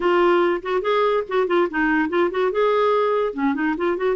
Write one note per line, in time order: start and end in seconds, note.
0.00 0.61 F4
0.62 0.81 F#4
0.81 1.23 G#4
1.28 1.47 F#4
1.47 1.67 F4
1.70 2.09 D#4
2.09 2.30 F4
2.30 2.51 F#4
2.51 3.33 G#4
3.33 3.54 C#4
3.54 3.75 D#4
3.77 3.97 F4
3.97 4.16 F#4